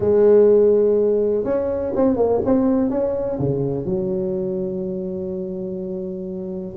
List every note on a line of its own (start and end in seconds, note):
0.00 1.44 G#3
1.44 1.92 C#4
1.95 2.16 C4
2.16 2.40 A#3
2.45 2.90 C4
2.90 3.38 C#4
3.39 3.85 C#3
3.85 6.75 F#3